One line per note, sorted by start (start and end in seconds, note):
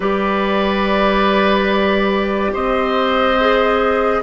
0.00 2.52 G3
0.00 3.36 G4
0.00 2.51 B4
0.00 2.54 D5
2.53 4.23 C4
2.53 4.22 C5
2.53 4.23 D#5
3.39 4.23 G#4